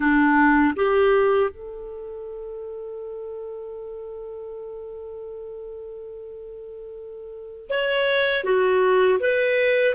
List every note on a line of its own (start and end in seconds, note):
0.00 0.74 D4
0.76 1.50 G4
1.50 7.69 A4
7.69 8.44 C#5
8.44 9.19 F#4
9.19 9.94 B4